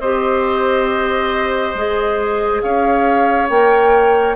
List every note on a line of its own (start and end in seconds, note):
0.00 1.74 C4
0.00 1.77 G4
0.00 2.62 C5
0.00 2.61 D#5
1.75 2.62 G#3
1.75 3.50 G#4
2.62 3.50 C#4
2.62 4.36 C#5
2.62 3.49 F5
3.49 4.36 A#3
3.49 4.36 A#4
3.49 4.36 G5